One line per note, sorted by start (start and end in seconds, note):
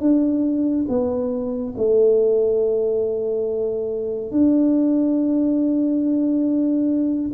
0.00 0.86 D4
0.89 1.75 B3
1.77 4.32 A3
4.32 7.32 D4